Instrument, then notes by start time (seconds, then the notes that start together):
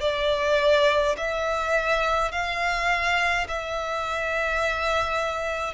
violin
0.00 D5
1.17 E5
2.31 F5
3.48 E5